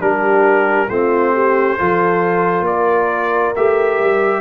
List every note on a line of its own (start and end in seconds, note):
0.00 0.89 G3
0.00 0.88 D4
0.00 0.89 G4
0.00 0.89 A#4
0.89 1.77 A3
0.89 1.78 C4
0.89 1.33 F4
0.89 2.65 C5
1.33 1.78 G4
1.78 2.60 F3
1.78 3.55 F4
1.78 2.67 A4
2.60 3.49 A#3
2.60 3.54 D5
2.68 4.40 A#4
3.55 3.99 A3
3.55 4.40 G4
3.55 4.40 E5
3.99 4.40 G3